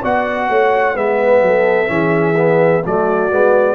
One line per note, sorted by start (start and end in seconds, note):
0.00 0.49 B3
0.00 0.95 F#4
0.00 0.47 D5
0.00 0.96 F#5
0.49 0.95 A3
0.49 0.94 C#5
0.94 1.41 G#3
0.94 1.87 B3
0.94 1.41 B4
0.94 2.84 E5
1.41 1.88 F#3
1.41 1.90 A4
1.87 2.82 E3
1.87 2.34 C#4
1.87 2.84 G#4
2.36 2.82 B3
2.85 3.31 F#3
2.85 3.30 A3
2.85 3.74 F#4
2.85 3.74 D5
3.30 3.74 G#3
3.30 3.74 B3